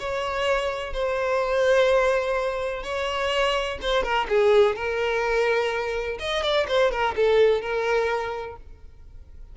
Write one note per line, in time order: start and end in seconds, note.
0.00 0.94 C#5
0.94 2.84 C5
2.84 3.79 C#5
3.82 4.04 C5
4.04 4.27 A#4
4.29 4.76 G#4
4.76 6.19 A#4
6.20 6.43 D#5
6.43 6.67 D5
6.69 6.92 C5
6.92 7.15 A#4
7.16 7.62 A4
7.62 8.57 A#4